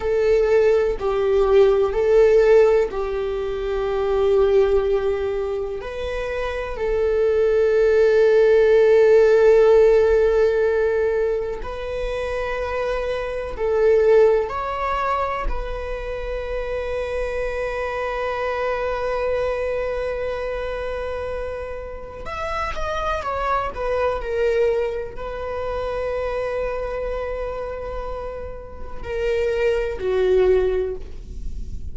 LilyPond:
\new Staff \with { instrumentName = "viola" } { \time 4/4 \tempo 4 = 62 a'4 g'4 a'4 g'4~ | g'2 b'4 a'4~ | a'1 | b'2 a'4 cis''4 |
b'1~ | b'2. e''8 dis''8 | cis''8 b'8 ais'4 b'2~ | b'2 ais'4 fis'4 | }